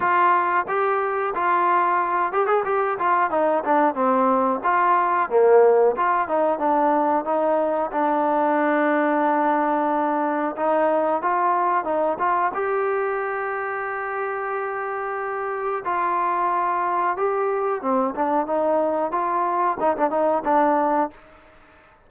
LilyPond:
\new Staff \with { instrumentName = "trombone" } { \time 4/4 \tempo 4 = 91 f'4 g'4 f'4. g'16 gis'16 | g'8 f'8 dis'8 d'8 c'4 f'4 | ais4 f'8 dis'8 d'4 dis'4 | d'1 |
dis'4 f'4 dis'8 f'8 g'4~ | g'1 | f'2 g'4 c'8 d'8 | dis'4 f'4 dis'16 d'16 dis'8 d'4 | }